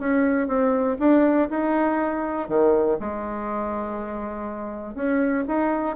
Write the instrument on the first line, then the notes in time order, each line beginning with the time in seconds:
bassoon
0.00 C#4
0.48 C4
1.00 D4
1.50 D#4
2.49 D#3
3.00 G#3
4.95 C#4
5.48 D#4